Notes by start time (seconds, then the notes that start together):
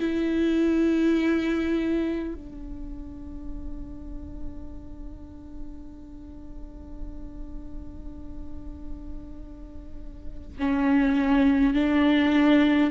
0.00 E4
2.35 D4
10.59 C#4
11.74 D4